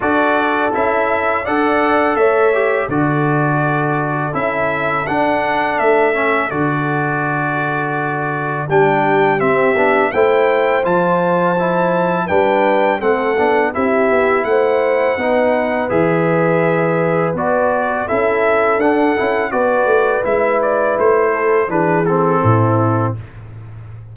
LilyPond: <<
  \new Staff \with { instrumentName = "trumpet" } { \time 4/4 \tempo 4 = 83 d''4 e''4 fis''4 e''4 | d''2 e''4 fis''4 | e''4 d''2. | g''4 e''4 g''4 a''4~ |
a''4 g''4 fis''4 e''4 | fis''2 e''2 | d''4 e''4 fis''4 d''4 | e''8 d''8 c''4 b'8 a'4. | }
  \new Staff \with { instrumentName = "horn" } { \time 4/4 a'2 d''4 cis''4 | a'1~ | a'1 | g'2 c''2~ |
c''4 b'4 a'4 g'4 | c''4 b'2.~ | b'4 a'2 b'4~ | b'4. a'8 gis'4 e'4 | }
  \new Staff \with { instrumentName = "trombone" } { \time 4/4 fis'4 e'4 a'4. g'8 | fis'2 e'4 d'4~ | d'8 cis'8 fis'2. | d'4 c'8 d'8 e'4 f'4 |
e'4 d'4 c'8 d'8 e'4~ | e'4 dis'4 gis'2 | fis'4 e'4 d'8 e'8 fis'4 | e'2 d'8 c'4. | }
  \new Staff \with { instrumentName = "tuba" } { \time 4/4 d'4 cis'4 d'4 a4 | d2 cis'4 d'4 | a4 d2. | g4 c'8 b8 a4 f4~ |
f4 g4 a8 b8 c'8 b8 | a4 b4 e2 | b4 cis'4 d'8 cis'8 b8 a8 | gis4 a4 e4 a,4 | }
>>